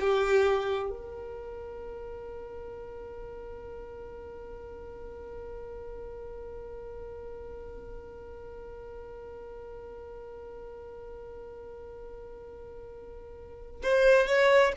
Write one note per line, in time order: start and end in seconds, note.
0.00 0.90 G4
0.90 13.82 A#4
13.83 14.27 C5
14.27 14.73 C#5